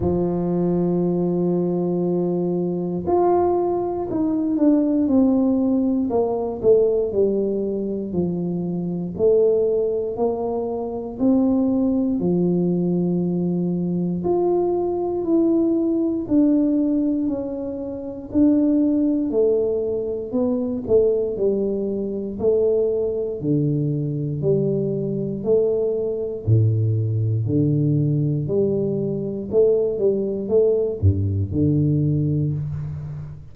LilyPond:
\new Staff \with { instrumentName = "tuba" } { \time 4/4 \tempo 4 = 59 f2. f'4 | dis'8 d'8 c'4 ais8 a8 g4 | f4 a4 ais4 c'4 | f2 f'4 e'4 |
d'4 cis'4 d'4 a4 | b8 a8 g4 a4 d4 | g4 a4 a,4 d4 | g4 a8 g8 a8 g,8 d4 | }